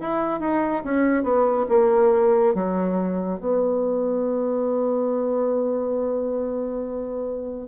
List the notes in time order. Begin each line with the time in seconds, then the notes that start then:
0.00 E4
0.40 D#4
0.84 C#4
1.23 B3
1.69 A#3
2.54 F#3
3.39 B3